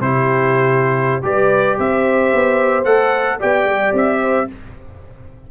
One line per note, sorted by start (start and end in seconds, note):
0.00 1.22 C3
0.00 1.22 E4
0.00 1.23 G4
0.00 1.23 C5
1.22 1.78 G3
1.22 2.84 G4
1.22 1.78 B4
1.22 1.79 D5
1.78 2.33 C4
1.78 3.39 C5
1.78 2.84 E5
2.34 2.85 B3
2.84 3.39 A3
2.84 3.39 A4
2.84 3.38 F#5
3.39 3.65 B3
3.39 4.48 G4
3.39 4.20 D5
3.39 3.95 G5
3.65 3.92 G3
3.93 4.47 C4
3.93 4.51 E5
4.21 4.48 C5